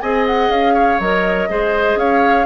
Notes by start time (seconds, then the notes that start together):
0.00 C4 G#4 D#5 G#5
0.26 F#5
0.49 C#4 F5
0.74 C#5
0.99 F#3 A#4 D#5
1.49 G#3 G#4 C5
1.95 C#4 C#5 F5